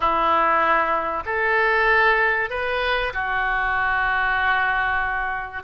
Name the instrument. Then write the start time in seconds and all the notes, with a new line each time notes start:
oboe
0.00 E4
1.25 A4
2.50 B4
3.13 F#4